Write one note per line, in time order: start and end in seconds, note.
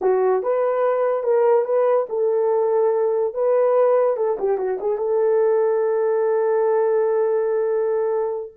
0.01 0.42 F#4
0.42 1.23 B4
1.23 1.64 A#4
1.64 2.06 B4
2.09 3.33 A4
3.33 4.16 B4
4.16 4.37 A4
4.39 4.57 G4
4.57 4.78 F#4
4.80 4.97 G#4
4.97 8.52 A4